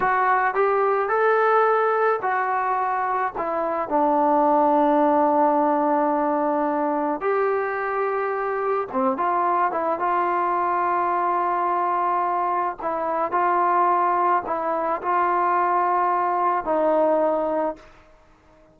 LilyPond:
\new Staff \with { instrumentName = "trombone" } { \time 4/4 \tempo 4 = 108 fis'4 g'4 a'2 | fis'2 e'4 d'4~ | d'1~ | d'4 g'2. |
c'8 f'4 e'8 f'2~ | f'2. e'4 | f'2 e'4 f'4~ | f'2 dis'2 | }